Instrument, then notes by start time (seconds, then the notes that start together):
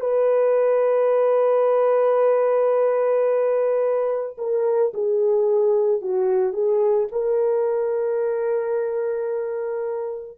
horn
0.00 B4
4.37 A#4
4.93 G#4
6.01 F#4
6.53 G#4
7.12 A#4